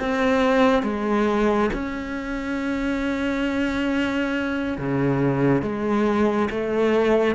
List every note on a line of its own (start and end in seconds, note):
0.00 0.83 C4
0.83 1.70 G#3
1.74 4.78 C#4
4.78 5.62 C#3
5.62 6.49 G#3
6.51 7.36 A3